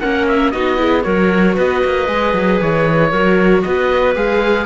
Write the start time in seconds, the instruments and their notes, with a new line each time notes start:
0.00 cello A#3, viola C#4, clarinet A#4, oboe F#5
0.28 oboe E5
0.51 cello B3, viola D#4, clarinet F#4, oboe D#5
0.76 viola E4, clarinet G#4
1.03 cello F#3, viola F#4, clarinet A#4, oboe C#5
1.55 cello B3, clarinet B4, oboe D#5
1.84 cello A#3
2.08 cello G#3, viola G#4
2.34 cello F#3
2.61 cello E3, oboe C#5
3.10 cello F#3, viola F#4, clarinet A#4
3.62 cello B3, clarinet B4, oboe D#5
4.15 cello G#3, viola G#4, oboe F5